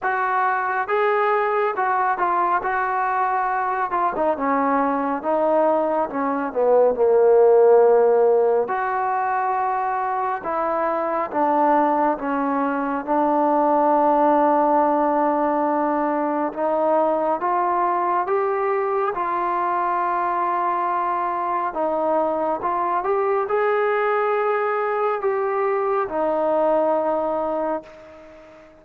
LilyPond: \new Staff \with { instrumentName = "trombone" } { \time 4/4 \tempo 4 = 69 fis'4 gis'4 fis'8 f'8 fis'4~ | fis'8 f'16 dis'16 cis'4 dis'4 cis'8 b8 | ais2 fis'2 | e'4 d'4 cis'4 d'4~ |
d'2. dis'4 | f'4 g'4 f'2~ | f'4 dis'4 f'8 g'8 gis'4~ | gis'4 g'4 dis'2 | }